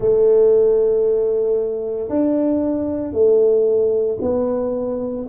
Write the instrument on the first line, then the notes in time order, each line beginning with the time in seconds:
tuba
0.00 A3
2.09 D4
3.12 A3
4.21 B3